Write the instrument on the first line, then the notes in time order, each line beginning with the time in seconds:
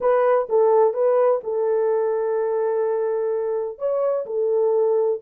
horn
0.00 B4
0.49 A4
0.93 B4
1.43 A4
3.78 C#5
4.26 A4